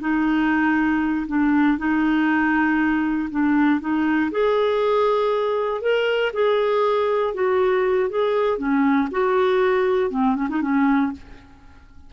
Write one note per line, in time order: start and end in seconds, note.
0.00 1.26 D#4
1.27 1.77 D4
1.77 3.29 D#4
3.30 3.80 D4
3.80 4.31 D#4
4.31 5.81 G#4
5.81 6.31 A#4
6.33 7.34 G#4
7.34 8.09 F#4
8.09 8.58 G#4
8.58 9.08 C#4
9.11 10.10 F#4
10.10 10.35 C4
10.35 10.48 C#4
10.49 10.61 D#4
10.61 11.12 C#4